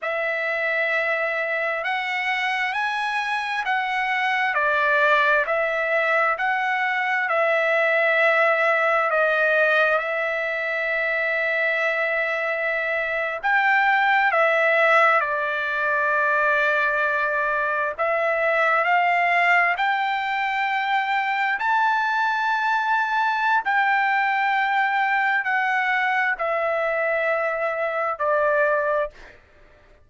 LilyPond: \new Staff \with { instrumentName = "trumpet" } { \time 4/4 \tempo 4 = 66 e''2 fis''4 gis''4 | fis''4 d''4 e''4 fis''4 | e''2 dis''4 e''4~ | e''2~ e''8. g''4 e''16~ |
e''8. d''2. e''16~ | e''8. f''4 g''2 a''16~ | a''2 g''2 | fis''4 e''2 d''4 | }